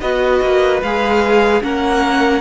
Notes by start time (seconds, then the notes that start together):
0.00 B3 F#4 B4 D#5
0.42 A#3
0.82 G#3 G#4 F5
1.61 A#3 C#4 A#4 F#5